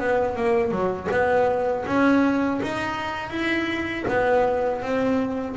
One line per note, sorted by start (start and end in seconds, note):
0.00 0.36 B3
0.36 0.71 A#3
0.71 1.08 F#3
1.11 1.85 B3
1.87 2.61 C#4
2.62 3.30 D#4
3.30 4.04 E4
4.08 4.82 B3
4.82 5.56 C4